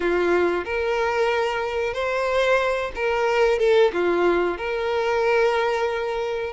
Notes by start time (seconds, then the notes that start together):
0.00 F4
0.65 A#4
1.93 C5
2.95 A#4
3.59 A4
3.92 F4
4.57 A#4